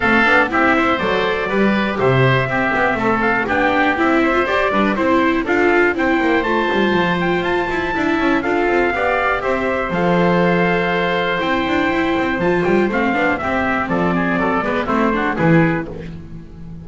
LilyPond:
<<
  \new Staff \with { instrumentName = "trumpet" } { \time 4/4 \tempo 4 = 121 f''4 e''4 d''2 | e''2~ e''8 f''8 g''4 | e''4 d''4 c''4 f''4 | g''4 a''4. g''8 a''4~ |
a''4 f''2 e''4 | f''2. g''4~ | g''4 a''8 g''8 f''4 e''4 | d''2 c''4 b'4 | }
  \new Staff \with { instrumentName = "oboe" } { \time 4/4 a'4 g'8 c''4. b'4 | c''4 g'4 a'4 g'4~ | g'8 c''4 b'8 c''4 a'4 | c''1 |
e''4 a'4 d''4 c''4~ | c''1~ | c''2. g'4 | a'8 gis'8 a'8 b'8 e'8 fis'8 gis'4 | }
  \new Staff \with { instrumentName = "viola" } { \time 4/4 c'8 d'8 e'4 a'4 g'4~ | g'4 c'2 d'4 | e'8. f'16 g'8 d'8 e'4 f'4 | e'4 f'2. |
e'4 f'4 g'2 | a'2. e'4~ | e'4 f'4 c'8 d'8 c'4~ | c'4. b8 c'8 d'8 e'4 | }
  \new Staff \with { instrumentName = "double bass" } { \time 4/4 a8 b8 c'4 fis4 g4 | c4 c'8 b8 a4 b4 | c'4 g'8 g8 c'4 d'4 | c'8 ais8 a8 g8 f4 f'8 e'8 |
d'8 cis'8 d'8 c'8 b4 c'4 | f2. c'8 d'8 | e'8 c'8 f8 g8 a8 b8 c'4 | f4 fis8 gis8 a4 e4 | }
>>